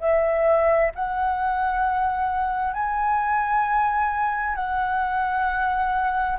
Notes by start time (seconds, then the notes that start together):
0.00 E5
0.95 F#5
2.74 G#5
4.55 F#5